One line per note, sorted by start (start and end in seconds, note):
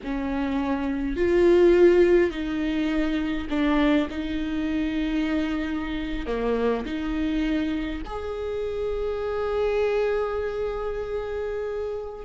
0.03 1.16 C#4
1.16 2.31 F4
2.31 3.47 D#4
3.50 4.08 D4
4.10 6.26 D#4
6.26 6.84 A#3
6.85 8.02 D#4
8.05 12.25 G#4